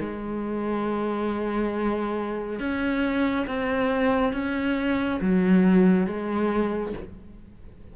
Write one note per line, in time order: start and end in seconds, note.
0.00 2.60 G#3
2.60 3.47 C#4
3.47 4.34 C4
4.34 5.21 C#4
5.22 6.07 F#3
6.07 6.94 G#3